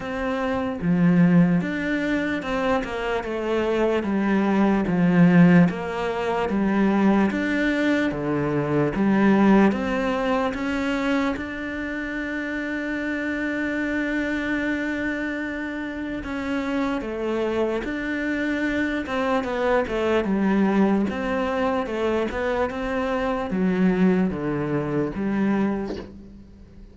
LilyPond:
\new Staff \with { instrumentName = "cello" } { \time 4/4 \tempo 4 = 74 c'4 f4 d'4 c'8 ais8 | a4 g4 f4 ais4 | g4 d'4 d4 g4 | c'4 cis'4 d'2~ |
d'1 | cis'4 a4 d'4. c'8 | b8 a8 g4 c'4 a8 b8 | c'4 fis4 d4 g4 | }